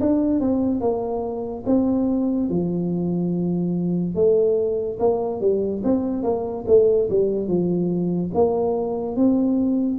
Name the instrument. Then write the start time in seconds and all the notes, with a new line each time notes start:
tuba
0.00 D4
0.40 C4
0.80 A#3
1.66 C4
2.49 F3
4.15 A3
4.99 A#3
5.41 G3
5.84 C4
6.23 A#3
6.67 A3
7.09 G3
7.47 F3
8.34 A#3
9.16 C4